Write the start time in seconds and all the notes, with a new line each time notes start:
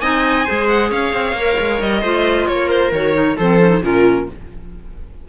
0.00 C4 D#4 D#5 G#5
0.45 G#3 G#4 C5
0.69 F#5
0.90 C#4 C#5 F5
1.13 C4
1.33 A#3 A#4
1.60 G#3
1.81 G3 D#5
2.01 A3 F4 C5
2.47 A#3 A#4 C#5
2.69 C5
2.92 D#3 F#4 C#5
3.14 D#4
3.37 F3 C4 A4 C5
3.59 C#4
3.69 D#4
3.81 A#2 C#4 F4 A#4